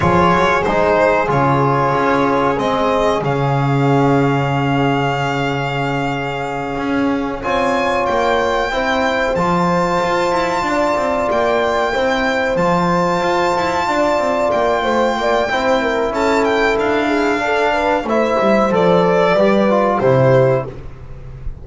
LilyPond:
<<
  \new Staff \with { instrumentName = "violin" } { \time 4/4 \tempo 4 = 93 cis''4 c''4 cis''2 | dis''4 f''2.~ | f''2.~ f''8 gis''8~ | gis''8 g''2 a''4.~ |
a''4. g''2 a''8~ | a''2~ a''8 g''4.~ | g''4 a''8 g''8 f''2 | e''4 d''2 c''4 | }
  \new Staff \with { instrumentName = "horn" } { \time 4/4 gis'1~ | gis'1~ | gis'2.~ gis'8 cis''8~ | cis''4. c''2~ c''8~ |
c''8 d''2 c''4.~ | c''4. d''4. c''8 d''8 | c''8 ais'8 a'4. gis'8 a'8 b'8 | c''2 b'4 g'4 | }
  \new Staff \with { instrumentName = "trombone" } { \time 4/4 f'4 dis'4 f'2 | c'4 cis'2.~ | cis'2.~ cis'8 f'8~ | f'4. e'4 f'4.~ |
f'2~ f'8 e'4 f'8~ | f'1 | e'2. d'4 | e'4 a'4 g'8 f'8 e'4 | }
  \new Staff \with { instrumentName = "double bass" } { \time 4/4 f8 fis8 gis4 cis4 cis'4 | gis4 cis2.~ | cis2~ cis8 cis'4 c'8~ | c'8 ais4 c'4 f4 f'8 |
e'8 d'8 c'8 ais4 c'4 f8~ | f8 f'8 e'8 d'8 c'8 ais8 a8 ais8 | c'4 cis'4 d'2 | a8 g8 f4 g4 c4 | }
>>